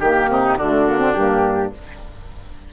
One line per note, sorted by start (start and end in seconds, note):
0.00 0.28 D#3
0.00 0.59 A#3
0.00 0.57 G4
0.00 0.29 G4
0.28 0.57 C3
0.28 0.57 D#4
0.57 1.15 D3
0.57 0.88 A3
0.57 1.73 D4
0.57 1.14 F#4
0.88 0.99 A#3
0.99 1.13 C4
1.14 1.73 G2
1.14 1.73 A#3
1.14 1.72 G4